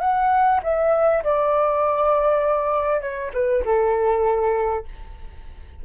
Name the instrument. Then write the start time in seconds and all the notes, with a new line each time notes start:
flute
0.00 F#5
0.63 E5
1.23 D5
3.01 C#5
3.33 B4
3.65 A4